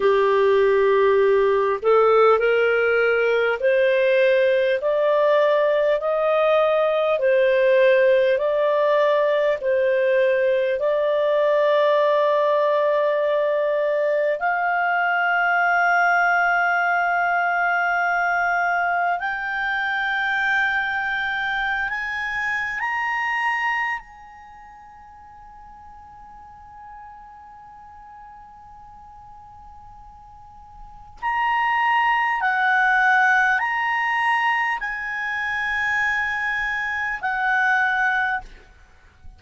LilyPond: \new Staff \with { instrumentName = "clarinet" } { \time 4/4 \tempo 4 = 50 g'4. a'8 ais'4 c''4 | d''4 dis''4 c''4 d''4 | c''4 d''2. | f''1 |
g''2~ g''16 gis''8. ais''4 | gis''1~ | gis''2 ais''4 fis''4 | ais''4 gis''2 fis''4 | }